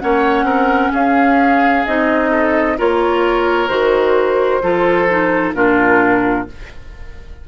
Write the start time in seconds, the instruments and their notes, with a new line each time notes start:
0.00 bassoon A#3, clarinet C#4, oboe C#5, flute F#5
0.43 bassoon C4, oboe A#4
0.92 bassoon C#4, oboe G#4, flute F5
1.86 bassoon C4, clarinet D#4, flute D#5
2.31 oboe A4
2.78 bassoon A#3, clarinet F4, oboe A#4, flute C#5
3.69 bassoon D#3, clarinet F#4, flute C5
4.62 bassoon F3, clarinet F4, oboe A4
5.10 clarinet D#4
5.55 bassoon A#2, clarinet D4, oboe F4, flute A#4